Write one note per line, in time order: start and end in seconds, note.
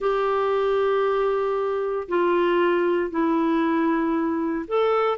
0.00 2.07 G4
2.08 3.10 F4
3.10 4.65 E4
4.67 5.18 A4